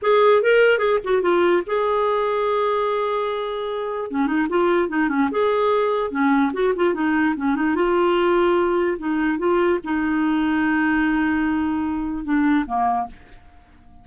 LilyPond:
\new Staff \with { instrumentName = "clarinet" } { \time 4/4 \tempo 4 = 147 gis'4 ais'4 gis'8 fis'8 f'4 | gis'1~ | gis'2 cis'8 dis'8 f'4 | dis'8 cis'8 gis'2 cis'4 |
fis'8 f'8 dis'4 cis'8 dis'8 f'4~ | f'2 dis'4 f'4 | dis'1~ | dis'2 d'4 ais4 | }